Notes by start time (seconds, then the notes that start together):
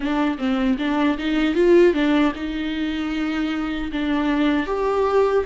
0.00 D4
0.38 C4
0.78 D4
1.18 D#4
1.54 F4
1.93 D4
2.35 D#4
3.92 D4
4.66 G4